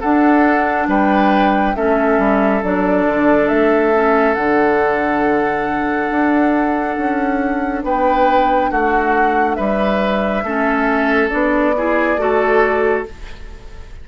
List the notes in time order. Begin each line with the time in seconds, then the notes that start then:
0.00 D4 A4 F#5
0.87 G3 B4 G5
1.75 A3 C#4 A4 E5
2.18 G3
2.63 F#3 D4 D5
3.07 D3
3.48 A3 E5
3.93 C#4
4.34 D3 D4 F#5
6.10 D4
6.97 C#4
7.83 B3 B4 G5
8.70 A3 F#4 F#5
9.54 G3 B4 E5
10.43 A3 C#4 A4
11.29 B3 D4 D5
11.77 E4 G#4
12.16 A3 F#4 A4